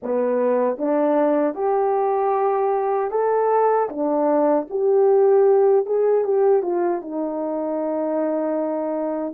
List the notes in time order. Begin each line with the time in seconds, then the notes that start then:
0.02 B3
0.77 D4
1.54 G4
3.11 A4
3.89 D4
4.70 G4
5.85 G#4
6.24 G4
6.62 F4
7.01 D#4